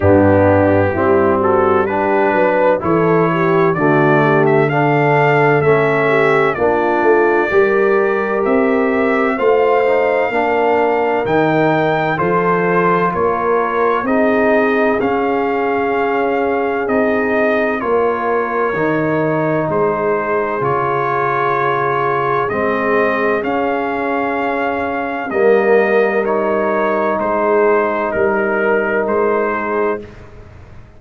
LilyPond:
<<
  \new Staff \with { instrumentName = "trumpet" } { \time 4/4 \tempo 4 = 64 g'4. a'8 b'4 cis''4 | d''8. e''16 f''4 e''4 d''4~ | d''4 e''4 f''2 | g''4 c''4 cis''4 dis''4 |
f''2 dis''4 cis''4~ | cis''4 c''4 cis''2 | dis''4 f''2 dis''4 | cis''4 c''4 ais'4 c''4 | }
  \new Staff \with { instrumentName = "horn" } { \time 4/4 d'4 e'8 fis'8 g'8 b'8 a'8 g'8 | fis'8 g'8 a'4. g'8 f'4 | ais'2 c''4 ais'4~ | ais'4 a'4 ais'4 gis'4~ |
gis'2. ais'4~ | ais'4 gis'2.~ | gis'2. ais'4~ | ais'4 gis'4 ais'4. gis'8 | }
  \new Staff \with { instrumentName = "trombone" } { \time 4/4 b4 c'4 d'4 e'4 | a4 d'4 cis'4 d'4 | g'2 f'8 dis'8 d'4 | dis'4 f'2 dis'4 |
cis'2 dis'4 f'4 | dis'2 f'2 | c'4 cis'2 ais4 | dis'1 | }
  \new Staff \with { instrumentName = "tuba" } { \time 4/4 g,4 g4. fis8 e4 | d2 a4 ais8 a8 | g4 c'4 a4 ais4 | dis4 f4 ais4 c'4 |
cis'2 c'4 ais4 | dis4 gis4 cis2 | gis4 cis'2 g4~ | g4 gis4 g4 gis4 | }
>>